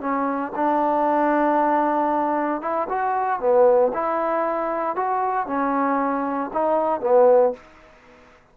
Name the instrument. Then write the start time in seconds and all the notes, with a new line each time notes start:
trombone
0.00 C#4
0.55 D4
2.61 E4
2.89 F#4
3.39 B3
3.93 E4
4.96 F#4
5.46 C#4
6.53 D#4
7.01 B3